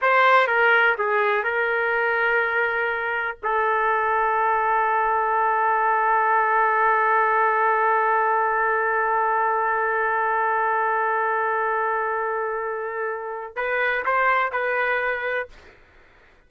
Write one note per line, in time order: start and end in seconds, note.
0.01 0.47 C5
0.47 0.95 A#4
0.98 1.43 G#4
1.43 3.37 A#4
3.43 13.55 A4
13.55 14.04 B4
14.05 14.52 C5
14.52 15.48 B4